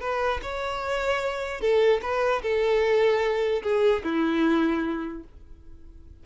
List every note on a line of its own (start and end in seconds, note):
0.00 0.40 B4
0.42 1.60 C#5
1.60 2.00 A4
2.01 2.41 B4
2.42 3.62 A4
3.63 4.03 G#4
4.03 5.23 E4